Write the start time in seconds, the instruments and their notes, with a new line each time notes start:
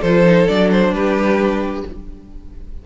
0.00 cello F3, violin A4 C5
0.06 viola F4
0.24 viola D#4
0.47 cello F#3, viola D4, violin D5
0.71 violin C5
0.93 cello G3, violin G4 B4